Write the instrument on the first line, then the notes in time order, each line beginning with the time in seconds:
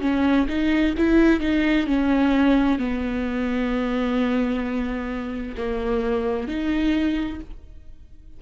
viola
0.00 C#4
0.48 D#4
0.97 E4
1.40 D#4
1.86 C#4
2.78 B3
5.57 A#3
6.47 D#4